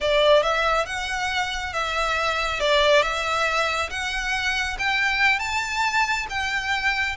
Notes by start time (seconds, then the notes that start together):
0.01 D5
0.42 E5
0.86 F#5
1.73 E5
2.60 D5
3.02 E5
3.90 F#5
4.78 G5
5.39 A5
6.29 G5